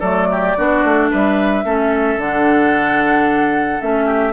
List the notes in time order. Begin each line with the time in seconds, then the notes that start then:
0.00 F#3 A3 A4 D5
0.32 G4
0.57 B3 D4 F#4
0.84 A3
1.11 G3 B4 E5
1.65 A3 C#4 A4
2.17 D3 D4 F#5
3.81 A3 C#4 E5
4.06 G4